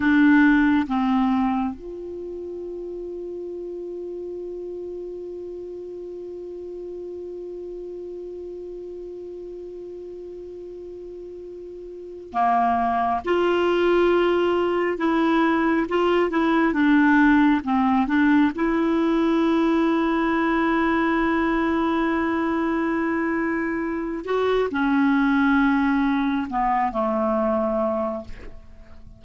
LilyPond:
\new Staff \with { instrumentName = "clarinet" } { \time 4/4 \tempo 4 = 68 d'4 c'4 f'2~ | f'1~ | f'1~ | f'2 ais4 f'4~ |
f'4 e'4 f'8 e'8 d'4 | c'8 d'8 e'2.~ | e'2.~ e'8 fis'8 | cis'2 b8 a4. | }